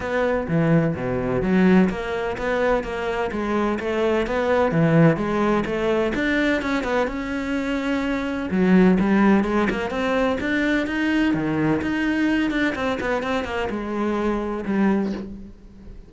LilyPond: \new Staff \with { instrumentName = "cello" } { \time 4/4 \tempo 4 = 127 b4 e4 b,4 fis4 | ais4 b4 ais4 gis4 | a4 b4 e4 gis4 | a4 d'4 cis'8 b8 cis'4~ |
cis'2 fis4 g4 | gis8 ais8 c'4 d'4 dis'4 | dis4 dis'4. d'8 c'8 b8 | c'8 ais8 gis2 g4 | }